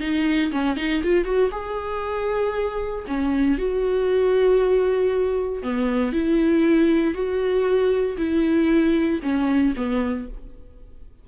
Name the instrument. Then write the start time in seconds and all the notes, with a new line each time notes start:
viola
0.00 D#4
0.52 C#4
0.76 D#4
1.03 F4
1.24 F#4
1.51 G#4
3.07 C#4
3.58 F#4
5.63 B3
6.13 E4
7.14 F#4
8.17 E4
9.22 C#4
9.76 B3